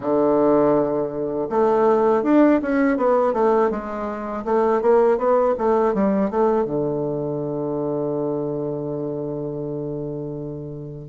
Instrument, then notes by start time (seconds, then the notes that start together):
bassoon
0.00 D3
1.49 A3
2.23 D4
2.62 C#4
2.97 B3
3.33 A3
3.70 G#3
4.44 A3
4.81 A#3
5.17 B3
5.58 A3
5.94 G3
6.30 A3
6.65 D3